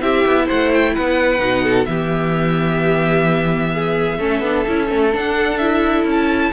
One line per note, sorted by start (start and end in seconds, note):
0.00 0.25 C4
0.00 1.38 E4
0.00 0.45 G4
0.00 0.47 E5
0.26 0.49 B3
0.45 0.97 A3
0.45 0.92 C5
0.45 0.72 F#5
0.73 0.95 G5
0.95 1.39 B3
0.95 1.63 B4
0.95 1.85 F#5
1.38 1.86 B2
1.38 1.85 D#4
1.63 1.87 A4
1.85 4.18 E3
1.85 4.19 B3
1.85 3.73 G4
1.85 5.10 E5
3.73 4.18 G#4
4.18 4.40 A3
4.18 4.42 C#4
4.18 6.51 A4
4.40 4.63 B3
4.40 4.66 D4
4.67 4.91 C#4
4.67 4.87 E4
4.87 5.14 A3
4.87 5.10 C#4
5.12 5.58 D4
5.12 6.04 D4
5.12 5.57 F#5
5.57 6.53 E4
5.57 6.04 E5
6.04 6.50 C#4
6.10 6.53 A5